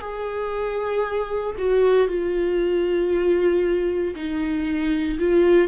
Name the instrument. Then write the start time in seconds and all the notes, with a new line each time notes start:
viola
0.00 G#4
1.58 F#4
2.07 F4
4.15 D#4
5.19 F4